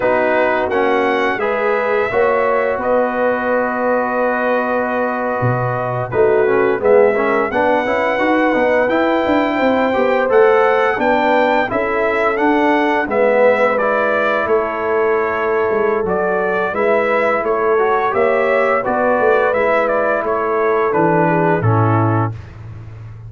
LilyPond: <<
  \new Staff \with { instrumentName = "trumpet" } { \time 4/4 \tempo 4 = 86 b'4 fis''4 e''2 | dis''1~ | dis''8. b'4 e''4 fis''4~ fis''16~ | fis''8. g''2 fis''4 g''16~ |
g''8. e''4 fis''4 e''4 d''16~ | d''8. cis''2~ cis''16 d''4 | e''4 cis''4 e''4 d''4 | e''8 d''8 cis''4 b'4 a'4 | }
  \new Staff \with { instrumentName = "horn" } { \time 4/4 fis'2 b'4 cis''4 | b'1~ | b'8. fis'4 gis'8 ais'8 b'4~ b'16~ | b'4.~ b'16 c''2 b'16~ |
b'8. a'2 b'4~ b'16~ | b'8. a'2.~ a'16 | b'4 a'4 cis''4 b'4~ | b'4 a'4. gis'8 e'4 | }
  \new Staff \with { instrumentName = "trombone" } { \time 4/4 dis'4 cis'4 gis'4 fis'4~ | fis'1~ | fis'8. dis'8 cis'8 b8 cis'8 d'8 e'8 fis'16~ | fis'16 dis'8 e'4. g'8 a'4 d'16~ |
d'8. e'4 d'4 b4 e'16~ | e'2. fis'4 | e'4. fis'8 g'4 fis'4 | e'2 d'4 cis'4 | }
  \new Staff \with { instrumentName = "tuba" } { \time 4/4 b4 ais4 gis4 ais4 | b2.~ b8. b,16~ | b,8. a4 gis4 b8 cis'8 dis'16~ | dis'16 b8 e'8 d'8 c'8 b8 a4 b16~ |
b8. cis'4 d'4 gis4~ gis16~ | gis8. a4.~ a16 gis8 fis4 | gis4 a4 ais4 b8 a8 | gis4 a4 e4 a,4 | }
>>